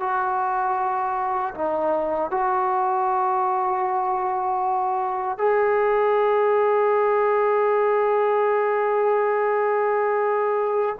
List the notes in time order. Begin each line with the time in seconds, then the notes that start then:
0.00 F#4
1.55 D#4
2.31 F#4
5.38 G#4